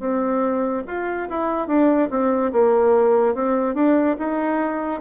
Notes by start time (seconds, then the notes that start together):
0.00 C4
0.87 F4
1.29 E4
1.67 D4
2.10 C4
2.52 A#3
3.35 C4
3.75 D4
4.19 D#4